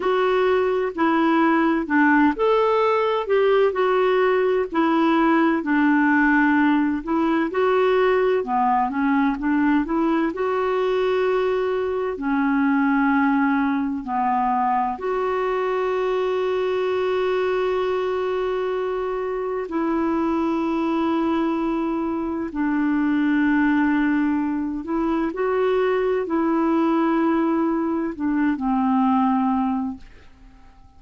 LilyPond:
\new Staff \with { instrumentName = "clarinet" } { \time 4/4 \tempo 4 = 64 fis'4 e'4 d'8 a'4 g'8 | fis'4 e'4 d'4. e'8 | fis'4 b8 cis'8 d'8 e'8 fis'4~ | fis'4 cis'2 b4 |
fis'1~ | fis'4 e'2. | d'2~ d'8 e'8 fis'4 | e'2 d'8 c'4. | }